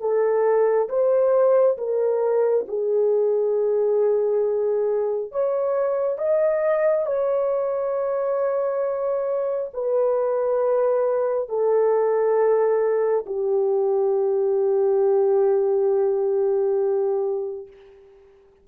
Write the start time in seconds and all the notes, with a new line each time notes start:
0.00 A4
0.89 C5
1.77 A#4
2.68 G#4
5.31 C#5
6.18 D#5
7.05 C#5
9.73 B4
11.48 A4
13.26 G4